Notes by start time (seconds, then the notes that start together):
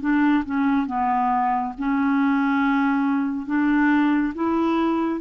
0.00 D4
0.44 C#4
0.86 B3
1.78 C#4
3.46 D4
4.34 E4